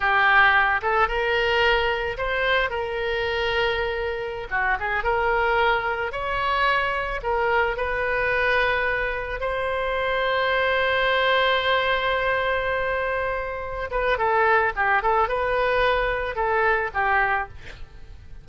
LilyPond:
\new Staff \with { instrumentName = "oboe" } { \time 4/4 \tempo 4 = 110 g'4. a'8 ais'2 | c''4 ais'2.~ | ais'16 fis'8 gis'8 ais'2 cis''8.~ | cis''4~ cis''16 ais'4 b'4.~ b'16~ |
b'4~ b'16 c''2~ c''8.~ | c''1~ | c''4. b'8 a'4 g'8 a'8 | b'2 a'4 g'4 | }